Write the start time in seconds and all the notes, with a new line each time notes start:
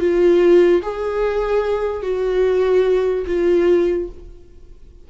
0.00 F4
0.83 G#4
2.02 F#4
3.27 F4